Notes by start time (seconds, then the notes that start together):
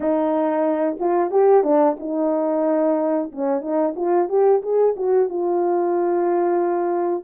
0.00 D#4
0.99 F4
1.30 G4
1.63 D4
1.99 D#4
3.32 C#4
3.61 D#4
3.96 F4
4.28 G4
4.62 G#4
4.96 F#4
5.29 F4